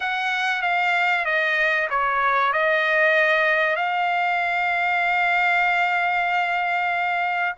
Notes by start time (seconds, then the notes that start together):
0.00 F#5
0.62 F5
1.25 D#5
1.89 C#5
2.52 D#5
3.76 F5